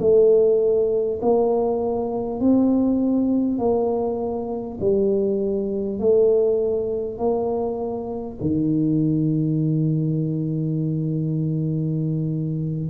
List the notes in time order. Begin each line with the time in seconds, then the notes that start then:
0.00 A3
1.22 A#3
2.40 C4
3.58 A#3
4.81 G3
5.99 A3
7.18 A#3
8.41 D#3